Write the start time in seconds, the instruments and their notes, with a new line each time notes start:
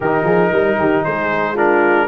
0.00 tuba D#3, trombone D#4, horn G4, trumpet A#4
0.23 tuba F3, horn G#4
0.52 tuba G3, horn A#4
0.78 tuba D#3, horn G4
1.04 tuba G#3, horn G#4, trumpet C5
1.53 trombone D4, horn F4, trumpet A#4